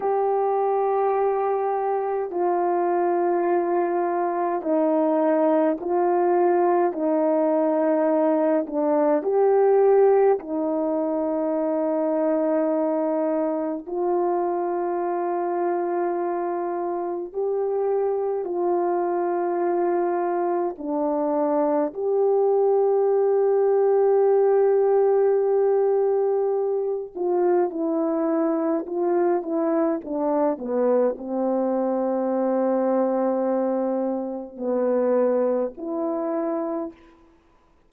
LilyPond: \new Staff \with { instrumentName = "horn" } { \time 4/4 \tempo 4 = 52 g'2 f'2 | dis'4 f'4 dis'4. d'8 | g'4 dis'2. | f'2. g'4 |
f'2 d'4 g'4~ | g'2.~ g'8 f'8 | e'4 f'8 e'8 d'8 b8 c'4~ | c'2 b4 e'4 | }